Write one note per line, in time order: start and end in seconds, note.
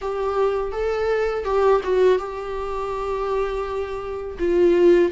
0.01 0.72 G4
0.72 1.44 A4
1.44 1.81 G4
1.83 2.18 F#4
2.18 4.38 G4
4.38 5.12 F4